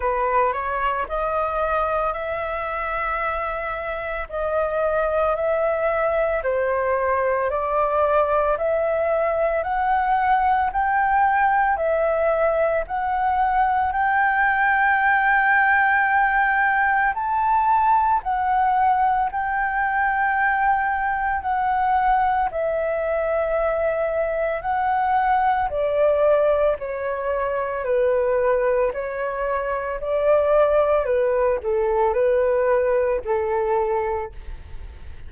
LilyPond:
\new Staff \with { instrumentName = "flute" } { \time 4/4 \tempo 4 = 56 b'8 cis''8 dis''4 e''2 | dis''4 e''4 c''4 d''4 | e''4 fis''4 g''4 e''4 | fis''4 g''2. |
a''4 fis''4 g''2 | fis''4 e''2 fis''4 | d''4 cis''4 b'4 cis''4 | d''4 b'8 a'8 b'4 a'4 | }